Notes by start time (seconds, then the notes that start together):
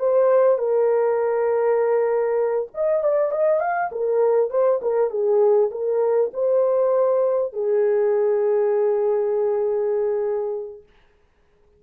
0.00 C5
0.59 A#4
2.75 D#5
3.04 D5
3.32 D#5
3.61 F5
3.92 A#4
4.51 C5
4.82 A#4
5.11 G#4
5.71 A#4
6.34 C5
7.54 G#4